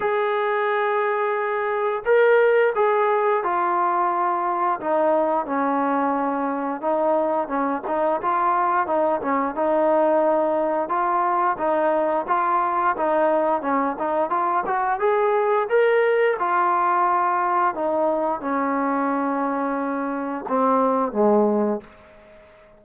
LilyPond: \new Staff \with { instrumentName = "trombone" } { \time 4/4 \tempo 4 = 88 gis'2. ais'4 | gis'4 f'2 dis'4 | cis'2 dis'4 cis'8 dis'8 | f'4 dis'8 cis'8 dis'2 |
f'4 dis'4 f'4 dis'4 | cis'8 dis'8 f'8 fis'8 gis'4 ais'4 | f'2 dis'4 cis'4~ | cis'2 c'4 gis4 | }